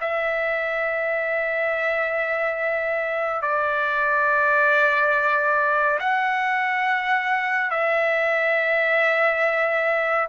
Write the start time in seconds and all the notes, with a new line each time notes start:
0.00 E5
3.42 D5
6.00 F#5
7.70 E5